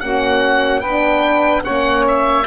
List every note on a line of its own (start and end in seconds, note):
0.00 0.83 A#3
0.00 0.84 C#4
0.00 0.80 F#4
0.00 0.80 F#5
0.80 1.65 B3
0.80 1.64 D4
0.80 1.62 B4
0.80 1.63 G5
1.64 2.46 A#3
1.64 2.46 C#4
1.64 2.46 C#5
1.64 2.05 F#5
2.08 2.46 E5